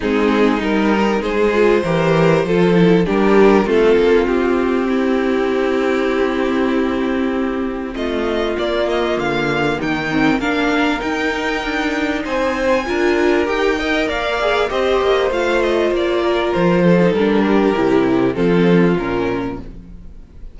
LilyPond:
<<
  \new Staff \with { instrumentName = "violin" } { \time 4/4 \tempo 4 = 98 gis'4 ais'4 c''2~ | c''4 ais'4 a'4 g'4~ | g'1~ | g'4 dis''4 d''8 dis''8 f''4 |
g''4 f''4 g''2 | gis''2 g''4 f''4 | dis''4 f''8 dis''8 d''4 c''4 | ais'2 a'4 ais'4 | }
  \new Staff \with { instrumentName = "violin" } { \time 4/4 dis'2 gis'4 ais'4 | a'4 g'4 f'2 | e'1~ | e'4 f'2. |
dis'4 ais'2. | c''4 ais'4. dis''8 d''4 | c''2~ c''8 ais'4 a'8~ | a'8 g'4. f'2 | }
  \new Staff \with { instrumentName = "viola" } { \time 4/4 c'4 dis'4. f'8 g'4 | f'8 e'8 d'4 c'2~ | c'1~ | c'2 ais2~ |
ais8 c'8 d'4 dis'2~ | dis'4 f'4 g'8 ais'4 gis'8 | g'4 f'2~ f'8. dis'16 | d'4 e'4 c'4 cis'4 | }
  \new Staff \with { instrumentName = "cello" } { \time 4/4 gis4 g4 gis4 e4 | f4 g4 a8 ais8 c'4~ | c'1~ | c'4 a4 ais4 d4 |
dis4 ais4 dis'4 d'4 | c'4 d'4 dis'4 ais4 | c'8 ais8 a4 ais4 f4 | g4 c4 f4 ais,4 | }
>>